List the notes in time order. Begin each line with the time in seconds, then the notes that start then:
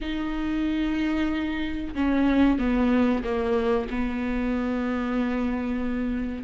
0.01 D#4
1.94 C#4
2.58 B3
3.23 A#3
3.90 B3